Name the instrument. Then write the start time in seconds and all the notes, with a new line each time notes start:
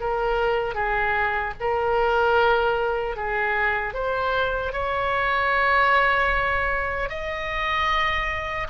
oboe
0.00 A#4
0.75 G#4
1.60 A#4
3.16 G#4
3.94 C5
4.73 C#5
7.09 D#5